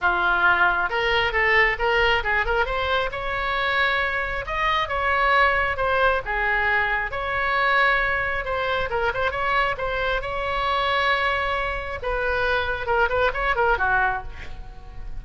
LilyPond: \new Staff \with { instrumentName = "oboe" } { \time 4/4 \tempo 4 = 135 f'2 ais'4 a'4 | ais'4 gis'8 ais'8 c''4 cis''4~ | cis''2 dis''4 cis''4~ | cis''4 c''4 gis'2 |
cis''2. c''4 | ais'8 c''8 cis''4 c''4 cis''4~ | cis''2. b'4~ | b'4 ais'8 b'8 cis''8 ais'8 fis'4 | }